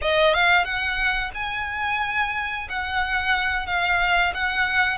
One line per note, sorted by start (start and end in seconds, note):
0.01 0.34 D#5
0.34 0.64 F5
0.64 1.31 F#5
1.34 2.68 G#5
2.68 3.66 F#5
3.66 4.33 F5
4.34 4.97 F#5